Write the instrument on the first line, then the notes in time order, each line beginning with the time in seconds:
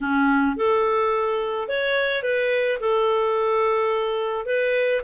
clarinet
0.00 C#4
0.56 A4
1.68 C#5
2.23 B4
2.79 A4
4.45 B4